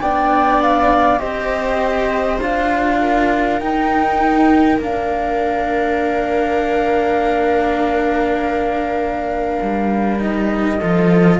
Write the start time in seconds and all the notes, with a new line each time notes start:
0.00 B3 D4 D5 G5
0.62 F5
1.19 C4 G4 C5 D#5
2.41 D4 F4 F5
3.00 A#4
3.59 D#4 G5
4.78 A#3 D4 F5
9.62 G3
10.19 D#4 D#5
10.79 F3 F4 A4